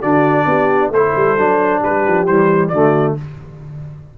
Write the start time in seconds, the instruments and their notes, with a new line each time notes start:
0.00 tuba D3, trombone D4, horn F#4, trumpet D5
0.46 tuba B3, horn G4
0.90 tuba A3, horn A4, trumpet C5
0.97 trombone E4
1.16 tuba G3
1.38 tuba F#3, trombone D4
1.81 tuba G3, horn G4, trumpet B4
2.07 tuba F3
2.26 tuba E3, trombone G3, trumpet C5
2.69 tuba D3, trombone A3, horn F#4, trumpet D5